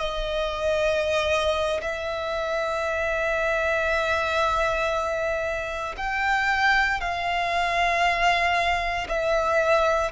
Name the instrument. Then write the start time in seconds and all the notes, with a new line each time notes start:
violin
0.00 D#5
1.82 E5
5.98 G5
7.01 F5
9.08 E5